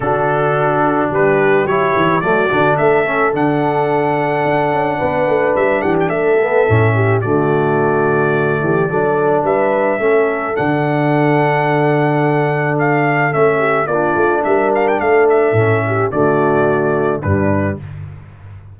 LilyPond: <<
  \new Staff \with { instrumentName = "trumpet" } { \time 4/4 \tempo 4 = 108 a'2 b'4 cis''4 | d''4 e''4 fis''2~ | fis''2 e''8 fis''16 g''16 e''4~ | e''4 d''2.~ |
d''4 e''2 fis''4~ | fis''2. f''4 | e''4 d''4 e''8 f''16 g''16 f''8 e''8~ | e''4 d''2 b'4 | }
  \new Staff \with { instrumentName = "horn" } { \time 4/4 fis'2 g'2 | fis'4 a'2.~ | a'4 b'4. g'8 a'4~ | a'8 g'8 fis'2~ fis'8 g'8 |
a'4 b'4 a'2~ | a'1~ | a'8 g'8 f'4 ais'4 a'4~ | a'8 g'8 fis'2 d'4 | }
  \new Staff \with { instrumentName = "trombone" } { \time 4/4 d'2. e'4 | a8 d'4 cis'8 d'2~ | d'2.~ d'8 b8 | cis'4 a2. |
d'2 cis'4 d'4~ | d'1 | cis'4 d'2. | cis'4 a2 g4 | }
  \new Staff \with { instrumentName = "tuba" } { \time 4/4 d2 g4 fis8 e8 | fis8 d8 a4 d2 | d'8 cis'8 b8 a8 g8 e8 a4 | a,4 d2~ d8 e8 |
fis4 g4 a4 d4~ | d1 | a4 ais8 a8 g4 a4 | a,4 d2 g,4 | }
>>